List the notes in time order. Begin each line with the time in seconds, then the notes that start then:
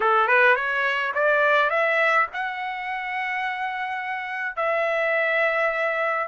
0.00 A4
0.27 B4
0.55 C#5
1.14 D5
1.70 E5
2.33 F#5
4.56 E5